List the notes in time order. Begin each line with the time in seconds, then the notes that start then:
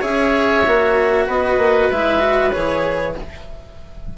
0.00 C#4 G#4 C#5 E5
0.67 A#3 F#4
1.26 B3 B4 D#5
1.58 A#3
1.91 G#3 E4 E5
2.20 F#4
2.51 E3 G#4 C#5